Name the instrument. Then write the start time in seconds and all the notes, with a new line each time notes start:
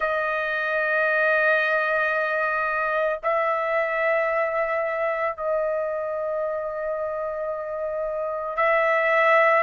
trumpet
0.00 D#5
3.23 E5
5.36 D#5
8.56 E5